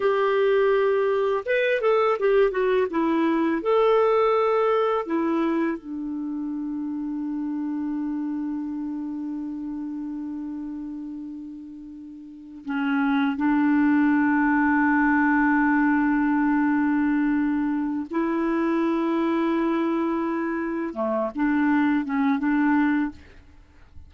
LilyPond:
\new Staff \with { instrumentName = "clarinet" } { \time 4/4 \tempo 4 = 83 g'2 b'8 a'8 g'8 fis'8 | e'4 a'2 e'4 | d'1~ | d'1~ |
d'4. cis'4 d'4.~ | d'1~ | d'4 e'2.~ | e'4 a8 d'4 cis'8 d'4 | }